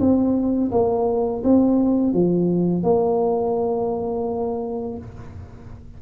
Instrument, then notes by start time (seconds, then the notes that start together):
tuba
0.00 C4
0.72 A#3
1.44 C4
2.14 F3
2.84 A#3